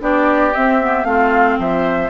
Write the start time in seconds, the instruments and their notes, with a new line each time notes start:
0.00 bassoon B3, clarinet D4, oboe G4, flute D5
0.54 clarinet C4, bassoon C4, flute E5
0.81 clarinet B3
1.04 bassoon A3, clarinet C4, oboe F4, flute F5
1.59 bassoon F3, oboe C5, flute E5